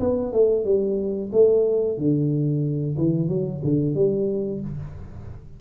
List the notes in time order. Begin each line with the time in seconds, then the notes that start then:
0.00 B3
0.33 A3
0.65 G3
1.32 A3
1.98 D3
2.98 E3
3.28 F#3
3.64 D3
3.95 G3